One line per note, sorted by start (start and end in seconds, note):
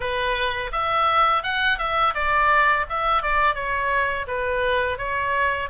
0.00 0.71 B4
0.71 1.43 E5
1.43 1.78 F#5
1.78 2.14 E5
2.14 2.86 D5
2.89 3.22 E5
3.22 3.55 D5
3.55 4.26 C#5
4.27 4.98 B4
4.98 5.69 C#5